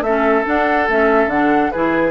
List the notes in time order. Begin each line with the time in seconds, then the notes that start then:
0.00 A3 C#4 A4 E5
0.44 D4 F#5
0.88 A3 C#4 E5
1.26 D3 D4 F#5
1.71 E3 E4 G#4 B4